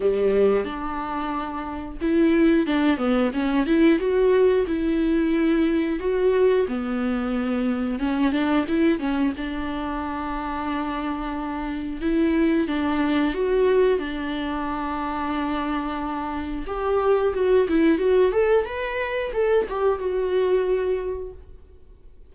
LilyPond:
\new Staff \with { instrumentName = "viola" } { \time 4/4 \tempo 4 = 90 g4 d'2 e'4 | d'8 b8 cis'8 e'8 fis'4 e'4~ | e'4 fis'4 b2 | cis'8 d'8 e'8 cis'8 d'2~ |
d'2 e'4 d'4 | fis'4 d'2.~ | d'4 g'4 fis'8 e'8 fis'8 a'8 | b'4 a'8 g'8 fis'2 | }